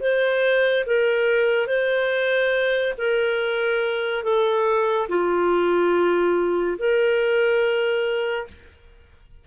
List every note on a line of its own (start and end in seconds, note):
0.00 0.85 C5
0.86 1.67 A#4
1.67 2.94 C5
2.98 4.23 A#4
4.23 5.07 A4
5.08 6.77 F4
6.78 8.47 A#4